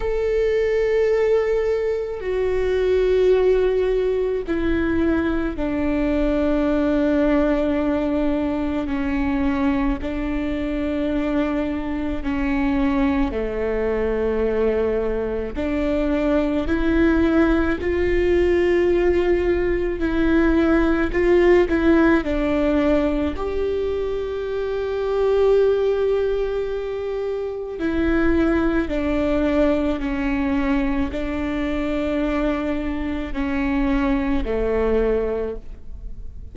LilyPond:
\new Staff \with { instrumentName = "viola" } { \time 4/4 \tempo 4 = 54 a'2 fis'2 | e'4 d'2. | cis'4 d'2 cis'4 | a2 d'4 e'4 |
f'2 e'4 f'8 e'8 | d'4 g'2.~ | g'4 e'4 d'4 cis'4 | d'2 cis'4 a4 | }